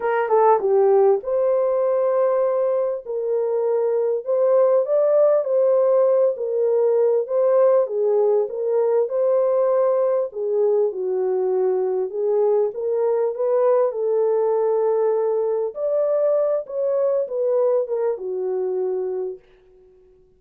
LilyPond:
\new Staff \with { instrumentName = "horn" } { \time 4/4 \tempo 4 = 99 ais'8 a'8 g'4 c''2~ | c''4 ais'2 c''4 | d''4 c''4. ais'4. | c''4 gis'4 ais'4 c''4~ |
c''4 gis'4 fis'2 | gis'4 ais'4 b'4 a'4~ | a'2 d''4. cis''8~ | cis''8 b'4 ais'8 fis'2 | }